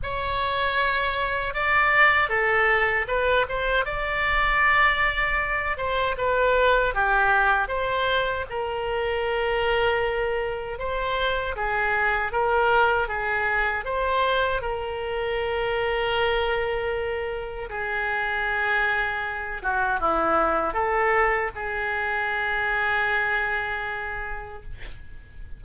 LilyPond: \new Staff \with { instrumentName = "oboe" } { \time 4/4 \tempo 4 = 78 cis''2 d''4 a'4 | b'8 c''8 d''2~ d''8 c''8 | b'4 g'4 c''4 ais'4~ | ais'2 c''4 gis'4 |
ais'4 gis'4 c''4 ais'4~ | ais'2. gis'4~ | gis'4. fis'8 e'4 a'4 | gis'1 | }